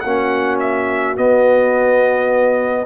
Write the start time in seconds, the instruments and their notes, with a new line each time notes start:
0.00 tuba A#3, trombone C#4, horn F#4, trumpet F#5
0.59 trumpet E5
1.16 trombone B3, tuba B3, trumpet D#5